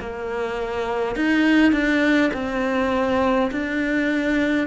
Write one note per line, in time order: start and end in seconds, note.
0.00 1.16 A#3
1.16 1.73 D#4
1.73 2.32 D4
2.34 3.51 C4
3.51 4.67 D4